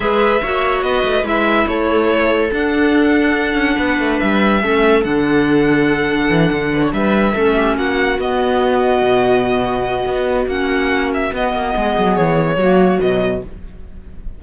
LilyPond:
<<
  \new Staff \with { instrumentName = "violin" } { \time 4/4 \tempo 4 = 143 e''2 dis''4 e''4 | cis''2 fis''2~ | fis''2 e''2 | fis''1~ |
fis''8 e''2 fis''4 dis''8~ | dis''1~ | dis''4 fis''4. e''8 dis''4~ | dis''4 cis''2 dis''4 | }
  \new Staff \with { instrumentName = "viola" } { \time 4/4 b'4 cis''4 b'2 | a'1~ | a'4 b'2 a'4~ | a'1 |
b'16 cis''16 b'4 a'8 g'8 fis'4.~ | fis'1~ | fis'1 | gis'2 fis'2 | }
  \new Staff \with { instrumentName = "clarinet" } { \time 4/4 gis'4 fis'2 e'4~ | e'2 d'2~ | d'2. cis'4 | d'1~ |
d'4. cis'2 b8~ | b1~ | b4 cis'2 b4~ | b2 ais4 fis4 | }
  \new Staff \with { instrumentName = "cello" } { \time 4/4 gis4 ais4 b8 a8 gis4 | a2 d'2~ | d'8 cis'8 b8 a8 g4 a4 | d2. e8 d8~ |
d8 g4 a4 ais4 b8~ | b4. b,2~ b,8 | b4 ais2 b8 ais8 | gis8 fis8 e4 fis4 b,4 | }
>>